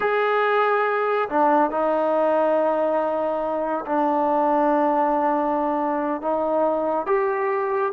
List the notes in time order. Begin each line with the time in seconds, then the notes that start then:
0.00 G#4
1.29 D4
1.70 D#4
3.86 D4
6.21 D#4
7.06 G4